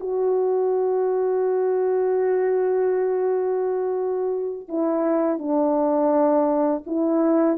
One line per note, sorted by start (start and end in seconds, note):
0.00 4.69 F#4
4.69 5.39 E4
5.39 6.83 D4
6.86 7.58 E4